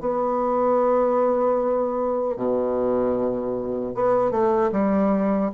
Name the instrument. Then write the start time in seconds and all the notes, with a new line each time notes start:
bassoon
0.00 B3
2.36 B2
3.94 B3
4.31 A3
4.72 G3